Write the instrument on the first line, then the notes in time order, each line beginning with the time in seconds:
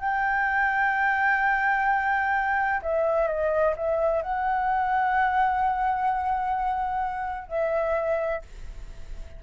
flute
0.00 G5
2.83 E5
3.28 D#5
3.76 E5
4.23 F#5
7.48 E5